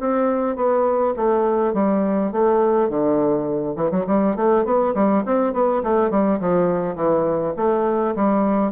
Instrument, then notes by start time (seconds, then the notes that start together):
bassoon
0.00 C4
0.56 B3
1.16 A3
1.74 G3
2.32 A3
2.89 D3
3.76 E3
3.91 F#3
4.07 G3
4.36 A3
4.65 B3
4.94 G3
5.26 C4
5.53 B3
5.83 A3
6.10 G3
6.40 F3
6.96 E3
7.56 A3
8.16 G3